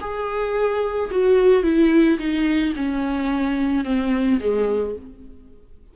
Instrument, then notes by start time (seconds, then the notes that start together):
viola
0.00 G#4
1.11 F#4
1.63 E4
2.18 D#4
2.76 C#4
3.85 C4
4.40 G#3